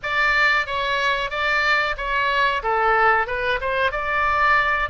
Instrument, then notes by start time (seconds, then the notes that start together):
oboe
0.02 D5
0.66 C#5
1.30 D5
1.97 C#5
2.62 A4
3.26 B4
3.60 C5
3.91 D5